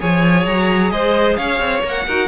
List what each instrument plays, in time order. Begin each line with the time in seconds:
0.00 cello F3, viola G#4, violin C#5 G#5
0.47 cello F#3, violin A#5
0.91 cello G#3, violin C5 D#5
1.36 cello C#4, violin C#5 F5
1.60 cello C4
1.83 cello A#3, viola A#4
1.89 violin F#5
2.07 cello D#4, viola F#4, violin A#4